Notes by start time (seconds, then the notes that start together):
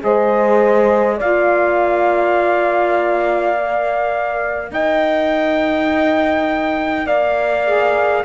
0.00 G#3 G#4 C5 D#5
1.18 A#3 F4 D5 F5
3.55 A#4
4.72 D#4 D#5 G5
7.07 A#3 D5 F5
7.65 G#4